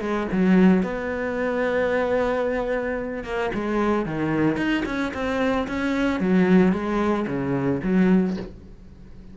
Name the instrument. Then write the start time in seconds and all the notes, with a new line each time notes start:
cello
0.00 G#3
0.32 F#3
0.82 B3
3.24 A#3
3.54 G#3
4.05 D#3
4.56 D#4
4.85 C#4
5.13 C4
5.67 C#4
6.19 F#3
6.72 G#3
7.27 C#3
7.83 F#3